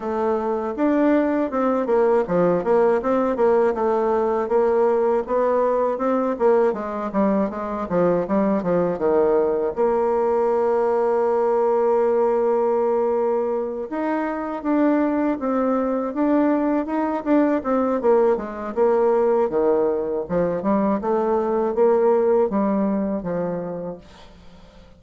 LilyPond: \new Staff \with { instrumentName = "bassoon" } { \time 4/4 \tempo 4 = 80 a4 d'4 c'8 ais8 f8 ais8 | c'8 ais8 a4 ais4 b4 | c'8 ais8 gis8 g8 gis8 f8 g8 f8 | dis4 ais2.~ |
ais2~ ais8 dis'4 d'8~ | d'8 c'4 d'4 dis'8 d'8 c'8 | ais8 gis8 ais4 dis4 f8 g8 | a4 ais4 g4 f4 | }